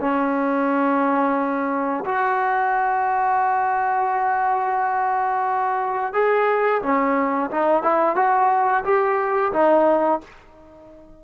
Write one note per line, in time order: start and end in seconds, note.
0.00 2.05 C#4
2.05 6.14 F#4
6.14 6.82 G#4
6.82 7.50 C#4
7.51 7.83 D#4
7.83 8.16 E4
8.16 8.84 F#4
8.84 9.52 G4
9.52 10.21 D#4